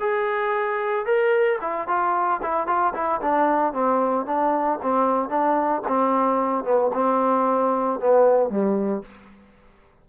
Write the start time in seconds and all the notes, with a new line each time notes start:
0.00 G#4
1.06 A#4
1.61 E4
1.88 F4
2.42 E4
2.67 F4
2.94 E4
3.21 D4
3.73 C4
4.26 D4
4.82 C4
5.29 D4
5.88 C4
6.64 B3
6.94 C4
8.00 B3
8.49 G3